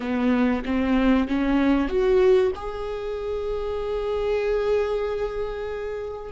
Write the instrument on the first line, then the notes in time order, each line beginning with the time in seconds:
viola
0.00 B3
0.65 C4
1.28 C#4
1.88 F#4
2.55 G#4